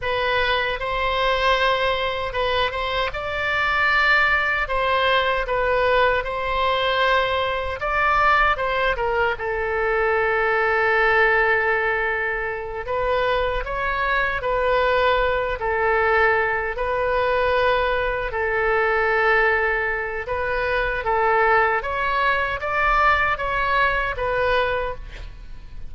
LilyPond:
\new Staff \with { instrumentName = "oboe" } { \time 4/4 \tempo 4 = 77 b'4 c''2 b'8 c''8 | d''2 c''4 b'4 | c''2 d''4 c''8 ais'8 | a'1~ |
a'8 b'4 cis''4 b'4. | a'4. b'2 a'8~ | a'2 b'4 a'4 | cis''4 d''4 cis''4 b'4 | }